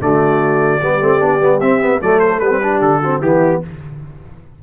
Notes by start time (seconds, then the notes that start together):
0.00 D3 A3 F#4 D5
0.81 G3 B3 G4
1.00 A3 C4
1.19 B3 D4
1.40 G3 B3
1.60 C4 E5
1.80 B3
2.01 F#3 A3 A4 D5
2.19 C5
2.39 G3 B3 B4
2.51 C4
2.62 D4 G4
2.80 D3 A4
3.01 C4 F#4
3.20 E3 B3 E4 G4